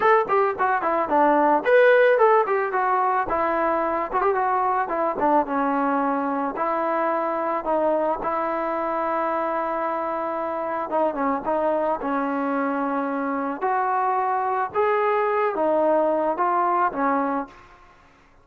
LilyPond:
\new Staff \with { instrumentName = "trombone" } { \time 4/4 \tempo 4 = 110 a'8 g'8 fis'8 e'8 d'4 b'4 | a'8 g'8 fis'4 e'4. fis'16 g'16 | fis'4 e'8 d'8 cis'2 | e'2 dis'4 e'4~ |
e'1 | dis'8 cis'8 dis'4 cis'2~ | cis'4 fis'2 gis'4~ | gis'8 dis'4. f'4 cis'4 | }